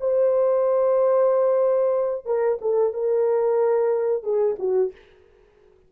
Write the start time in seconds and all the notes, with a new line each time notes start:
0.00 C5
2.25 A#4
2.61 A4
2.93 A#4
4.23 G#4
4.59 F#4